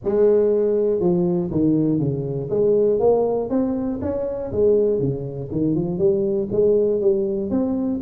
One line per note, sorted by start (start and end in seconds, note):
0.04 1.00 G#3
1.00 1.50 F3
1.51 1.99 D#3
1.99 2.49 C#3
2.50 2.99 G#3
2.99 3.49 A#3
3.49 3.99 C4
4.01 4.51 C#4
4.51 4.99 G#3
4.99 5.49 C#3
5.51 5.75 D#3
5.75 5.98 F3
5.98 6.48 G3
6.51 7.00 G#3
7.00 7.50 G3
7.50 8.00 C4